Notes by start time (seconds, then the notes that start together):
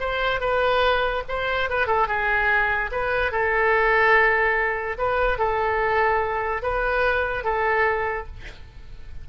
0.00 C5
0.40 B4
1.28 C5
1.69 B4
1.87 A4
2.07 G#4
2.91 B4
3.31 A4
4.98 B4
5.38 A4
6.62 B4
7.44 A4